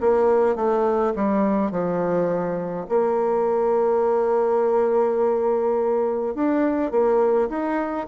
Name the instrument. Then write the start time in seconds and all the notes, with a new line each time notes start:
bassoon
0.00 A#3
0.55 A3
1.15 G3
1.71 F3
2.88 A#3
6.34 D4
6.91 A#3
7.49 D#4